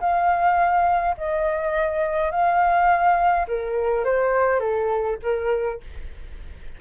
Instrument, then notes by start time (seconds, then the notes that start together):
flute
0.00 F5
1.17 D#5
2.31 F5
3.47 A#4
4.04 C5
4.59 A4
5.22 A#4